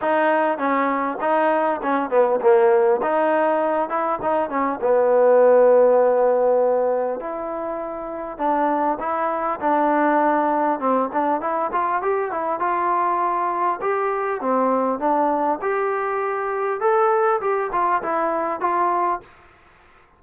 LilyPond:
\new Staff \with { instrumentName = "trombone" } { \time 4/4 \tempo 4 = 100 dis'4 cis'4 dis'4 cis'8 b8 | ais4 dis'4. e'8 dis'8 cis'8 | b1 | e'2 d'4 e'4 |
d'2 c'8 d'8 e'8 f'8 | g'8 e'8 f'2 g'4 | c'4 d'4 g'2 | a'4 g'8 f'8 e'4 f'4 | }